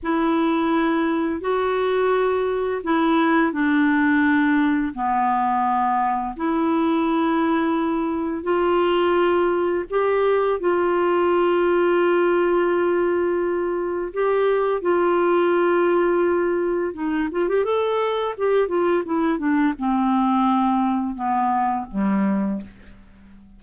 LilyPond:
\new Staff \with { instrumentName = "clarinet" } { \time 4/4 \tempo 4 = 85 e'2 fis'2 | e'4 d'2 b4~ | b4 e'2. | f'2 g'4 f'4~ |
f'1 | g'4 f'2. | dis'8 f'16 g'16 a'4 g'8 f'8 e'8 d'8 | c'2 b4 g4 | }